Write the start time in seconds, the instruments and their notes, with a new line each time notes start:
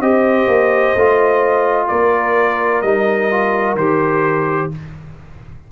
0.00 tuba C4, trombone G4, horn C5, trumpet D#5
0.47 tuba A#3
0.95 tuba A3, trombone F4
1.88 tuba A#3, horn A#4, trumpet D5
2.81 tuba G3, trombone D#4, trumpet D#5
3.31 trombone F4
3.75 tuba D#3, trombone G4, trumpet C5